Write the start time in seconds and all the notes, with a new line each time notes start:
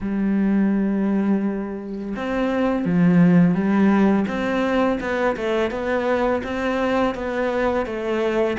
0.00 G3
2.16 C4
2.85 F3
3.54 G3
4.27 C4
5.00 B3
5.36 A3
5.70 B3
6.43 C4
7.14 B3
7.85 A3